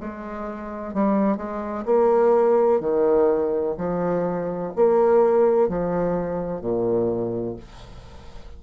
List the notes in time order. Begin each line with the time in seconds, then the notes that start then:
0.00 G#3
0.94 G3
1.37 G#3
1.85 A#3
2.80 D#3
3.77 F3
4.76 A#3
5.68 F3
6.61 A#2